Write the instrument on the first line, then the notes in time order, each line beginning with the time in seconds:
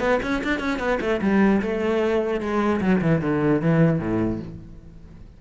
cello
0.00 B3
0.23 C#4
0.44 D4
0.59 C#4
0.79 B3
1.01 A3
1.21 G3
1.62 A3
2.41 G#3
2.81 F#3
3.01 E3
3.22 D3
3.61 E3
3.99 A2